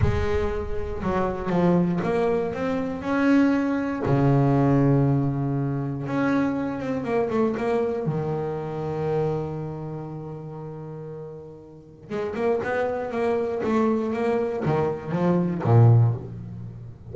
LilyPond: \new Staff \with { instrumentName = "double bass" } { \time 4/4 \tempo 4 = 119 gis2 fis4 f4 | ais4 c'4 cis'2 | cis1 | cis'4. c'8 ais8 a8 ais4 |
dis1~ | dis1 | gis8 ais8 b4 ais4 a4 | ais4 dis4 f4 ais,4 | }